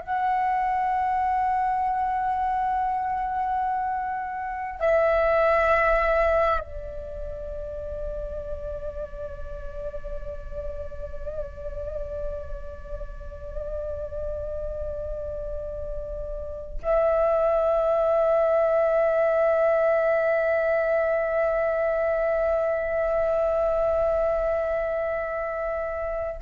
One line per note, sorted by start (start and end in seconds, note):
0.00 4.79 F#5
4.79 6.59 E5
6.59 16.79 D5
16.82 26.42 E5